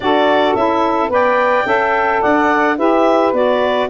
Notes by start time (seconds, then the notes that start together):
0.00 D4 F#4 A4 D5
0.54 C#4 E4 E5
1.08 B3 B4 D5 G5
1.65 C#4 A4 E5
2.21 D4 D5 F#5
2.77 E4 G4 B4 E5
3.32 B3 F#4 D5